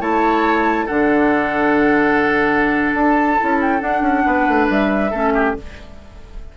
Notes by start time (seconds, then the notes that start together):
0.00 A3 E4 C#5 A5
0.85 D3 D4 A4 F#5
2.93 D4 A5
3.39 C#4 E4
3.61 G5
3.79 D4 F#5
4.01 C#4
4.26 B3 B4
4.48 A3
4.69 G3 E5
5.11 A3 C#4 A4
5.34 G4